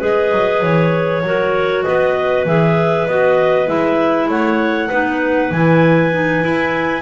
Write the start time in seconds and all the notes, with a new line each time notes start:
0.00 G#3 G#4 B4 D#5
0.32 F#3
0.62 E3 C#5
1.23 F#3 F#4 A#4
1.84 B3 B4 D#5
2.46 E3 G#4 E5
3.08 B3 F#4 D#5
3.67 G#3 E4 E5
4.29 A3 C#5 F#5
4.89 B3 D#4 B4
5.52 E3 E4 G#5
6.12 D#4
6.43 E4